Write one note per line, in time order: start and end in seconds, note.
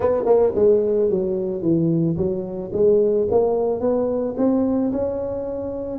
0.00 0.23 B3
0.25 0.53 A#3
0.55 1.10 G#3
1.10 1.62 F#3
1.62 2.16 E3
2.16 2.71 F#3
2.72 3.27 G#3
3.30 3.80 A#3
3.80 4.34 B3
4.37 4.91 C4
4.91 5.99 C#4